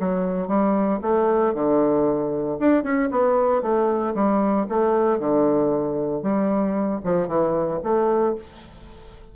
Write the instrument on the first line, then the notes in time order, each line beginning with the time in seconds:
bassoon
0.00 F#3
0.48 G3
1.02 A3
1.54 D3
2.59 D4
2.84 C#4
3.11 B3
3.62 A3
4.15 G3
4.69 A3
5.20 D3
6.23 G3
7.04 F3
7.28 E3
7.84 A3